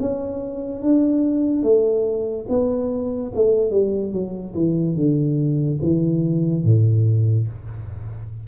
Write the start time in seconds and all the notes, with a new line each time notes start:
0.00 C#4
0.82 D4
1.62 A3
2.48 B3
3.34 A3
3.70 G3
4.12 F#3
4.55 E3
4.95 D3
5.81 E3
6.64 A2